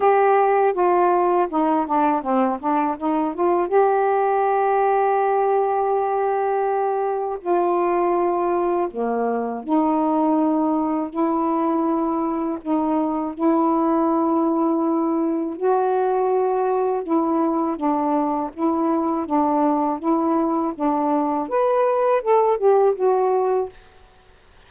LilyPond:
\new Staff \with { instrumentName = "saxophone" } { \time 4/4 \tempo 4 = 81 g'4 f'4 dis'8 d'8 c'8 d'8 | dis'8 f'8 g'2.~ | g'2 f'2 | ais4 dis'2 e'4~ |
e'4 dis'4 e'2~ | e'4 fis'2 e'4 | d'4 e'4 d'4 e'4 | d'4 b'4 a'8 g'8 fis'4 | }